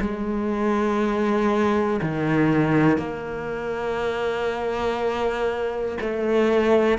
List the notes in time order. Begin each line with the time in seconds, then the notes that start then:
0.00 G#3
2.02 D#3
2.97 A#3
6.00 A3